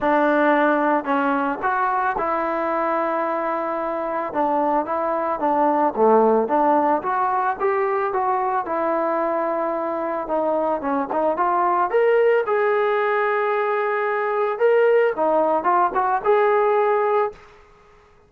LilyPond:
\new Staff \with { instrumentName = "trombone" } { \time 4/4 \tempo 4 = 111 d'2 cis'4 fis'4 | e'1 | d'4 e'4 d'4 a4 | d'4 fis'4 g'4 fis'4 |
e'2. dis'4 | cis'8 dis'8 f'4 ais'4 gis'4~ | gis'2. ais'4 | dis'4 f'8 fis'8 gis'2 | }